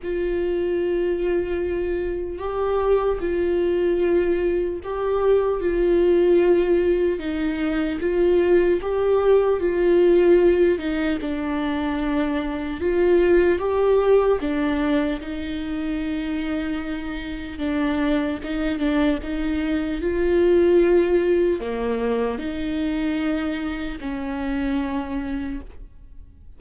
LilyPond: \new Staff \with { instrumentName = "viola" } { \time 4/4 \tempo 4 = 75 f'2. g'4 | f'2 g'4 f'4~ | f'4 dis'4 f'4 g'4 | f'4. dis'8 d'2 |
f'4 g'4 d'4 dis'4~ | dis'2 d'4 dis'8 d'8 | dis'4 f'2 ais4 | dis'2 cis'2 | }